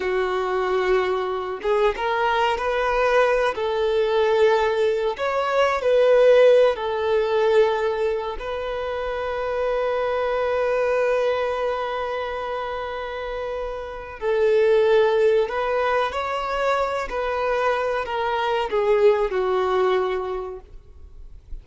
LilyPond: \new Staff \with { instrumentName = "violin" } { \time 4/4 \tempo 4 = 93 fis'2~ fis'8 gis'8 ais'4 | b'4. a'2~ a'8 | cis''4 b'4. a'4.~ | a'4 b'2.~ |
b'1~ | b'2 a'2 | b'4 cis''4. b'4. | ais'4 gis'4 fis'2 | }